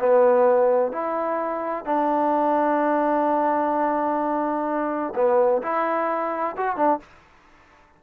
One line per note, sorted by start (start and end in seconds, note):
0.00 0.92 B3
0.92 1.86 E4
1.86 5.14 D4
5.16 5.63 B3
5.63 6.56 E4
6.57 6.77 F#4
6.77 7.00 D4